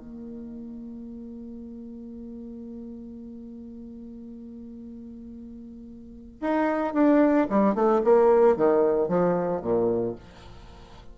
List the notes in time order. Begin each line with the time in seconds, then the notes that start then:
0.00 A#3
6.41 D#4
6.94 D4
7.50 G3
7.75 A3
8.05 A#3
8.57 D#3
9.09 F3
9.62 A#2